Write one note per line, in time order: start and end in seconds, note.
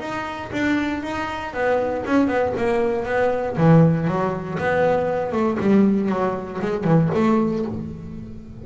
0.00 0.51 D#4
0.53 1.03 D4
1.03 1.54 D#4
1.54 2.05 B3
2.06 2.28 C#4
2.28 2.53 B3
2.57 3.06 A#3
3.06 3.56 B3
3.57 4.08 E3
4.08 4.59 F#3
4.59 5.32 B3
5.32 5.58 A3
5.60 6.09 G3
6.09 6.60 F#3
6.62 6.84 G#3
6.84 7.10 E3
7.15 7.65 A3